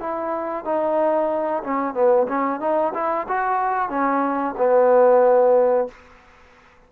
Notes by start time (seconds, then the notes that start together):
0.00 E4
0.65 D#4
1.64 C#4
1.94 B3
2.29 C#4
2.61 D#4
2.95 E4
3.28 F#4
3.90 C#4
4.58 B3